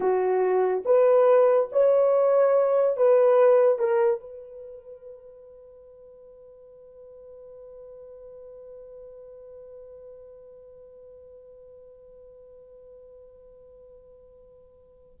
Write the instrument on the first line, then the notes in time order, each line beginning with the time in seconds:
horn
0.00 F#4
0.85 B4
1.71 C#5
2.96 B4
3.78 A#4
4.20 B4